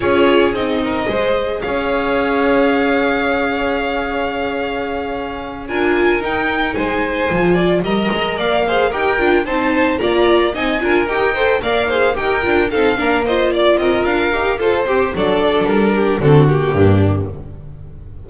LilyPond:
<<
  \new Staff \with { instrumentName = "violin" } { \time 4/4 \tempo 4 = 111 cis''4 dis''2 f''4~ | f''1~ | f''2~ f''8 gis''4 g''8~ | g''8 gis''2 ais''4 f''8~ |
f''8 g''4 a''4 ais''4 gis''8~ | gis''8 g''4 f''4 g''4 f''8~ | f''8 dis''8 d''8 dis''8 f''4 c''4 | d''4 ais'4 a'8 g'4. | }
  \new Staff \with { instrumentName = "violin" } { \time 4/4 gis'4. ais'8 c''4 cis''4~ | cis''1~ | cis''2~ cis''8 ais'4.~ | ais'8 c''4. d''8 dis''4 d''8 |
c''8 ais'4 c''4 d''4 dis''8 | ais'4 c''8 d''8 c''8 ais'4 a'8 | ais'8 c''8 d''8 ais'4. a'8 g'8 | a'4. g'8 fis'4 d'4 | }
  \new Staff \with { instrumentName = "viola" } { \time 4/4 f'4 dis'4 gis'2~ | gis'1~ | gis'2~ gis'8 f'4 dis'8~ | dis'4. f'4 ais'4. |
gis'8 g'8 f'8 dis'4 f'4 dis'8 | f'8 g'8 a'8 ais'8 gis'8 g'8 f'8 dis'8 | d'8 f'2 g'8 a'8 g'8 | d'2 c'8 ais4. | }
  \new Staff \with { instrumentName = "double bass" } { \time 4/4 cis'4 c'4 gis4 cis'4~ | cis'1~ | cis'2~ cis'8 d'4 dis'8~ | dis'8 gis4 f4 g8 gis8 ais8~ |
ais8 dis'8 d'8 c'4 ais4 c'8 | d'8 dis'4 ais4 dis'8 d'8 c'8 | ais4. c'8 d'8 dis'8 f'8 c'8 | fis4 g4 d4 g,4 | }
>>